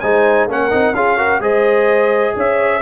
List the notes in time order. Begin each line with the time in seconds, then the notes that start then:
0.00 G#3 D#4 C5 G#5
0.47 A#3 C#4 A#4 F#5
0.71 C4 D#4
0.93 C#4 F4 G#4 F5
1.17 F#4 A#4
1.40 G#3 G#4 C5 D#5
2.36 C#4 C#5 E5